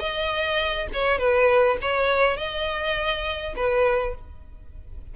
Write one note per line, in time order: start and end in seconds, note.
0.00 0.88 D#5
0.94 1.19 C#5
1.19 1.78 B4
1.82 2.37 C#5
2.37 3.55 D#5
3.56 4.15 B4